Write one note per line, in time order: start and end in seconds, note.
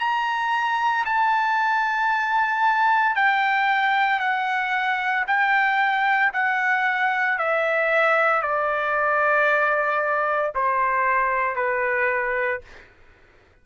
0.00 1.05 A#5
1.05 3.16 A5
3.16 4.20 G5
4.20 5.25 F#5
5.27 6.33 G5
6.33 7.39 F#5
7.39 8.42 E5
8.42 10.53 D5
10.55 11.56 C5
11.56 12.61 B4